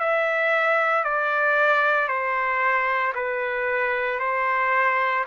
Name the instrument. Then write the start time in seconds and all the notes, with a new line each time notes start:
trumpet
0.00 E5
1.04 D5
2.08 C5
3.15 B4
4.20 C5